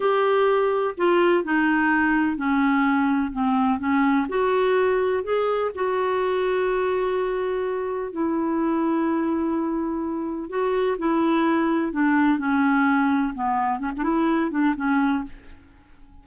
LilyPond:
\new Staff \with { instrumentName = "clarinet" } { \time 4/4 \tempo 4 = 126 g'2 f'4 dis'4~ | dis'4 cis'2 c'4 | cis'4 fis'2 gis'4 | fis'1~ |
fis'4 e'2.~ | e'2 fis'4 e'4~ | e'4 d'4 cis'2 | b4 cis'16 d'16 e'4 d'8 cis'4 | }